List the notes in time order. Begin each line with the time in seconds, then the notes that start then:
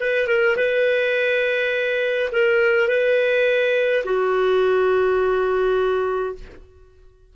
0.00 B4
0.27 A#4
0.57 B4
2.32 A#4
2.88 B4
4.04 F#4